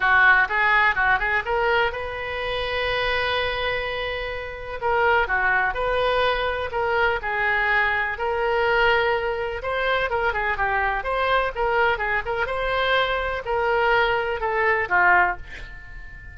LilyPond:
\new Staff \with { instrumentName = "oboe" } { \time 4/4 \tempo 4 = 125 fis'4 gis'4 fis'8 gis'8 ais'4 | b'1~ | b'2 ais'4 fis'4 | b'2 ais'4 gis'4~ |
gis'4 ais'2. | c''4 ais'8 gis'8 g'4 c''4 | ais'4 gis'8 ais'8 c''2 | ais'2 a'4 f'4 | }